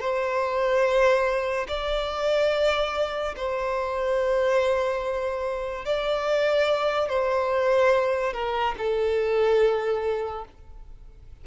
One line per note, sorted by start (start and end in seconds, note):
0.00 1.67 C5
1.68 3.34 D5
3.36 5.85 C5
5.85 7.09 D5
7.09 8.33 C5
8.33 8.75 A#4
8.78 10.45 A4